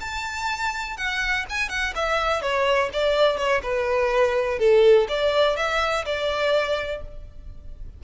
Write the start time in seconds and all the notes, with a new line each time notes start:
0.00 A5
0.97 F#5
1.49 G#5
1.69 F#5
1.95 E5
2.41 C#5
2.93 D5
3.37 C#5
3.62 B4
4.59 A4
5.09 D5
5.56 E5
6.05 D5